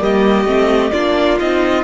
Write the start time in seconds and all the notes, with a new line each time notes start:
0.00 G3 A#3 G4 D#5
0.45 A3 C4
0.92 A#3 D4 F4 D5
1.39 C4 D#4 D#5